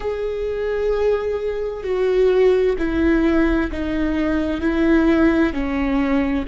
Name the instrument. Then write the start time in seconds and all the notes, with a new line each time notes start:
viola
0.00 G#4
1.83 F#4
2.78 E4
3.71 D#4
4.61 E4
5.53 C#4